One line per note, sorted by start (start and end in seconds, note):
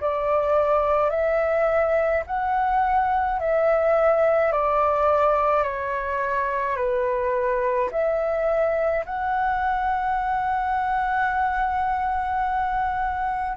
0.00 1.10 D5
1.10 2.23 E5
2.26 3.39 F#5
3.39 4.51 E5
4.51 5.63 D5
5.63 6.76 C#5
6.76 7.89 B4
7.91 9.05 E5
9.05 13.56 F#5